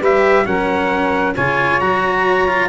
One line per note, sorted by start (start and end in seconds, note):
0.00 0.46 G3
0.00 0.45 G4
0.00 0.45 B4
0.00 0.46 E5
0.45 1.36 F#3
0.45 1.35 C#4
0.45 1.35 A#4
0.45 1.35 F#5
1.35 1.81 C#3
1.35 1.81 F4
1.35 2.69 C#5
1.35 1.80 G#5
1.80 2.69 F#3
1.80 2.48 F#4
1.80 2.69 A#5
2.48 2.69 F4